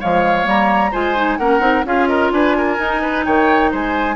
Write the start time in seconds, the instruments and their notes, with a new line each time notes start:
0.00 bassoon F3, clarinet G#3, oboe C#5, flute F5
0.43 bassoon G3, clarinet A#3, flute A#5
0.91 bassoon G#3, clarinet F4, oboe C5, flute G#5
1.15 clarinet D#4
1.37 bassoon A#3, clarinet C#4, oboe A#4, flute F#5
1.60 bassoon C4, clarinet D#4
1.85 bassoon C#4, clarinet F4, oboe G#4, flute F5
2.07 oboe A#4, flute D#5
2.31 bassoon D4, oboe B4, flute G#5
2.57 oboe A#4
2.79 bassoon D#4, clarinet D#4
3.02 oboe B4
3.24 bassoon D#3, oboe C#5, flute G5
3.71 bassoon G#3, oboe C5, flute G#5